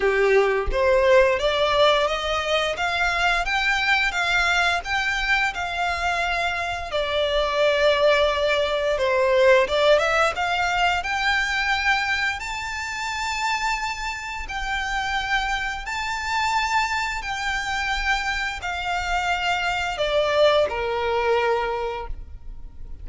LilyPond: \new Staff \with { instrumentName = "violin" } { \time 4/4 \tempo 4 = 87 g'4 c''4 d''4 dis''4 | f''4 g''4 f''4 g''4 | f''2 d''2~ | d''4 c''4 d''8 e''8 f''4 |
g''2 a''2~ | a''4 g''2 a''4~ | a''4 g''2 f''4~ | f''4 d''4 ais'2 | }